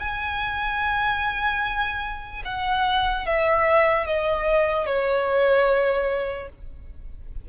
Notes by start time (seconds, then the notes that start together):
0.00 G#5
2.45 F#5
3.27 E5
4.07 D#5
4.87 C#5